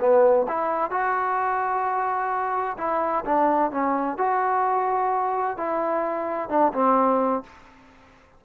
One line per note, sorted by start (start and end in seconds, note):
0.00 0.47 B3
0.48 0.90 E4
0.90 2.77 F#4
2.78 3.24 E4
3.25 3.71 D4
3.71 4.18 C#4
4.18 5.57 F#4
5.57 6.49 E4
6.49 6.73 D4
6.73 7.43 C4